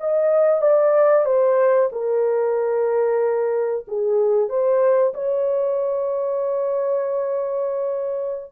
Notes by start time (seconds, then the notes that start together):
0.00 D#5
0.62 D5
1.25 C5
1.92 A#4
3.87 G#4
4.49 C5
5.14 C#5